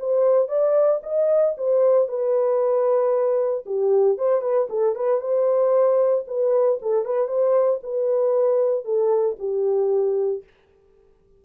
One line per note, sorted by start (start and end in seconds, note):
0.00 0.49 C5
0.49 1.01 D5
1.04 1.56 D#5
1.58 2.09 C5
2.09 3.65 B4
3.66 4.18 G4
4.18 4.42 C5
4.42 4.68 B4
4.70 4.96 A4
4.96 5.21 B4
5.21 6.26 C5
6.28 6.80 B4
6.82 7.06 A4
7.06 7.28 B4
7.28 7.80 C5
7.83 8.85 B4
8.85 9.37 A4
9.39 10.44 G4